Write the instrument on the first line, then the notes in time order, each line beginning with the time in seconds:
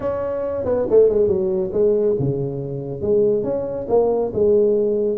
tuba
0.00 C#4
0.65 B3
0.89 A3
1.09 G#3
1.27 F#3
1.73 G#3
2.19 C#3
3.01 G#3
3.43 C#4
3.88 A#3
4.33 G#3